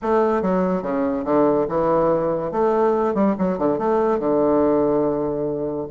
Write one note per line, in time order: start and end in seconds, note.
0.02 0.42 A3
0.42 0.82 F#3
0.82 1.24 C#3
1.24 1.66 D3
1.68 2.51 E3
2.51 3.14 A3
3.14 3.35 G3
3.38 3.58 F#3
3.58 3.78 D3
3.78 4.19 A3
4.19 5.87 D3